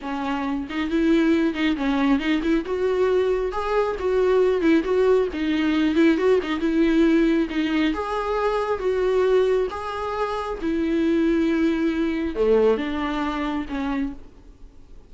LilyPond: \new Staff \with { instrumentName = "viola" } { \time 4/4 \tempo 4 = 136 cis'4. dis'8 e'4. dis'8 | cis'4 dis'8 e'8 fis'2 | gis'4 fis'4. e'8 fis'4 | dis'4. e'8 fis'8 dis'8 e'4~ |
e'4 dis'4 gis'2 | fis'2 gis'2 | e'1 | a4 d'2 cis'4 | }